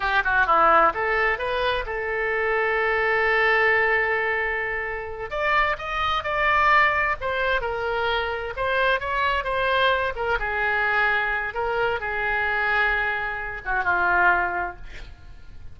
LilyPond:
\new Staff \with { instrumentName = "oboe" } { \time 4/4 \tempo 4 = 130 g'8 fis'8 e'4 a'4 b'4 | a'1~ | a'2.~ a'8 d''8~ | d''8 dis''4 d''2 c''8~ |
c''8 ais'2 c''4 cis''8~ | cis''8 c''4. ais'8 gis'4.~ | gis'4 ais'4 gis'2~ | gis'4. fis'8 f'2 | }